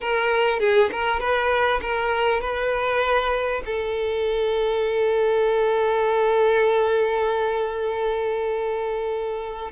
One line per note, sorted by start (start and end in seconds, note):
0.00 0.59 A#4
0.59 0.90 G#4
0.92 1.20 A#4
1.20 1.80 B4
1.81 2.40 A#4
2.40 3.62 B4
3.65 9.71 A4